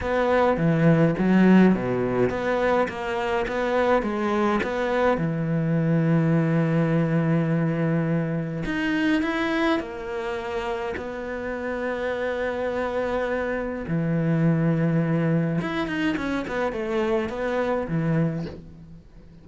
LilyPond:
\new Staff \with { instrumentName = "cello" } { \time 4/4 \tempo 4 = 104 b4 e4 fis4 b,4 | b4 ais4 b4 gis4 | b4 e2.~ | e2. dis'4 |
e'4 ais2 b4~ | b1 | e2. e'8 dis'8 | cis'8 b8 a4 b4 e4 | }